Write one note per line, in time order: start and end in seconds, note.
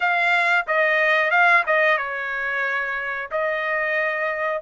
0.00 0.65 F5
0.67 1.30 D#5
1.30 1.63 F5
1.66 1.97 D#5
1.97 3.29 C#5
3.31 4.62 D#5